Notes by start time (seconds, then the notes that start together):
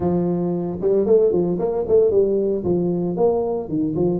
0.00 F3
0.81 G3
1.06 A3
1.32 F3
1.58 A#3
1.88 A3
2.11 G3
2.64 F3
3.16 A#3
3.68 D#3
3.95 F3